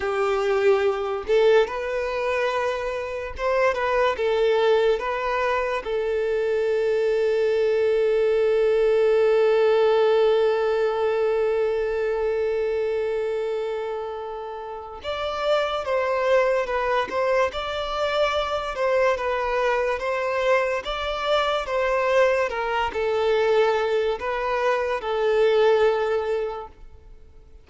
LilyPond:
\new Staff \with { instrumentName = "violin" } { \time 4/4 \tempo 4 = 72 g'4. a'8 b'2 | c''8 b'8 a'4 b'4 a'4~ | a'1~ | a'1~ |
a'2 d''4 c''4 | b'8 c''8 d''4. c''8 b'4 | c''4 d''4 c''4 ais'8 a'8~ | a'4 b'4 a'2 | }